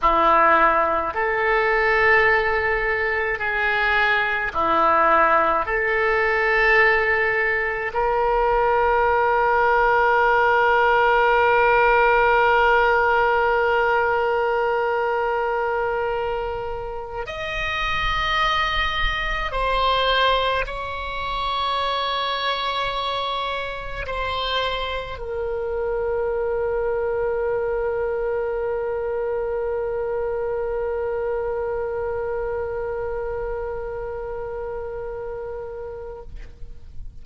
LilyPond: \new Staff \with { instrumentName = "oboe" } { \time 4/4 \tempo 4 = 53 e'4 a'2 gis'4 | e'4 a'2 ais'4~ | ais'1~ | ais'2.~ ais'16 dis''8.~ |
dis''4~ dis''16 c''4 cis''4.~ cis''16~ | cis''4~ cis''16 c''4 ais'4.~ ais'16~ | ais'1~ | ais'1 | }